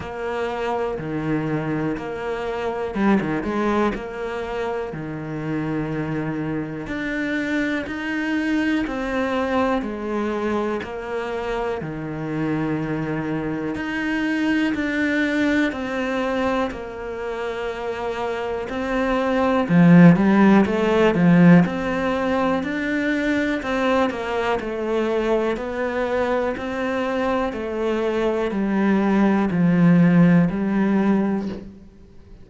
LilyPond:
\new Staff \with { instrumentName = "cello" } { \time 4/4 \tempo 4 = 61 ais4 dis4 ais4 g16 dis16 gis8 | ais4 dis2 d'4 | dis'4 c'4 gis4 ais4 | dis2 dis'4 d'4 |
c'4 ais2 c'4 | f8 g8 a8 f8 c'4 d'4 | c'8 ais8 a4 b4 c'4 | a4 g4 f4 g4 | }